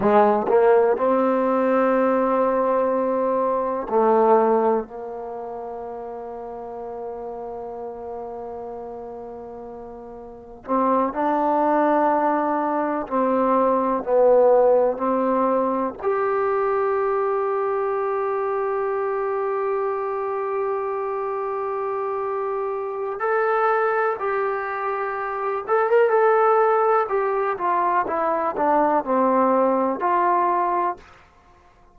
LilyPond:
\new Staff \with { instrumentName = "trombone" } { \time 4/4 \tempo 4 = 62 gis8 ais8 c'2. | a4 ais2.~ | ais2. c'8 d'8~ | d'4. c'4 b4 c'8~ |
c'8 g'2.~ g'8~ | g'1 | a'4 g'4. a'16 ais'16 a'4 | g'8 f'8 e'8 d'8 c'4 f'4 | }